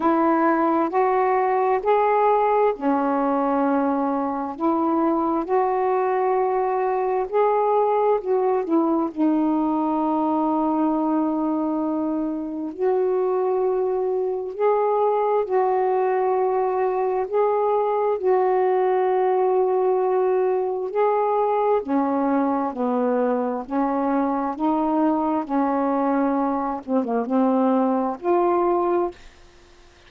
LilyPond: \new Staff \with { instrumentName = "saxophone" } { \time 4/4 \tempo 4 = 66 e'4 fis'4 gis'4 cis'4~ | cis'4 e'4 fis'2 | gis'4 fis'8 e'8 dis'2~ | dis'2 fis'2 |
gis'4 fis'2 gis'4 | fis'2. gis'4 | cis'4 b4 cis'4 dis'4 | cis'4. c'16 ais16 c'4 f'4 | }